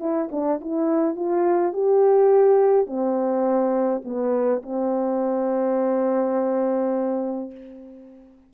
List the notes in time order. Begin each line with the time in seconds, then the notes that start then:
0.00 E4
0.31 D4
0.61 E4
1.16 F4
1.73 G4
2.87 C4
4.05 B3
4.63 C4